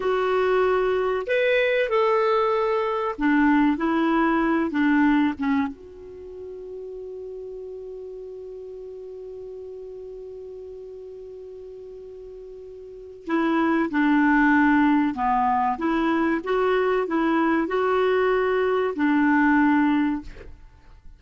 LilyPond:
\new Staff \with { instrumentName = "clarinet" } { \time 4/4 \tempo 4 = 95 fis'2 b'4 a'4~ | a'4 d'4 e'4. d'8~ | d'8 cis'8 fis'2.~ | fis'1~ |
fis'1~ | fis'4 e'4 d'2 | b4 e'4 fis'4 e'4 | fis'2 d'2 | }